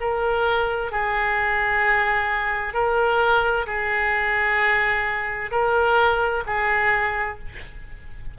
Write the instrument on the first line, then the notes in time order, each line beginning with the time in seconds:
oboe
0.00 A#4
0.91 G#4
2.74 A#4
3.66 G#4
5.51 A#4
6.46 G#4